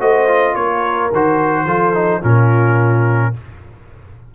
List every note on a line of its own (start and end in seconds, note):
0.00 0.56 A3
0.00 0.28 F#4
0.00 0.53 C5
0.00 0.55 D#5
0.28 1.11 F4
0.53 1.11 A#3
0.53 1.65 A#4
0.53 1.11 C#5
1.12 1.66 D#3
1.12 1.67 F#4
1.12 2.24 C5
1.66 2.21 F3
1.66 1.94 F4
1.66 2.21 A4
1.94 2.22 D#4
2.22 3.35 A#2
2.22 3.34 C#4
2.22 3.33 F4
2.22 3.35 A#4